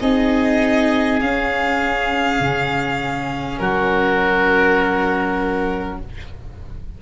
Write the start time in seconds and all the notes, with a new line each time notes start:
0.00 C4 D#4 G#4 D#5
1.21 C#4 F5
2.40 C#3
3.59 F#3 F#4 A#4